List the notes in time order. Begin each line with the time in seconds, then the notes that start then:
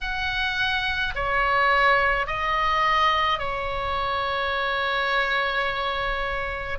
0.00 F#5
1.15 C#5
2.26 D#5
3.38 C#5